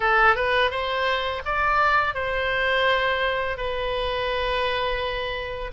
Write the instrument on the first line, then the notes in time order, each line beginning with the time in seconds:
oboe
0.00 A4
0.35 B4
0.70 C5
1.44 D5
2.14 C5
3.57 B4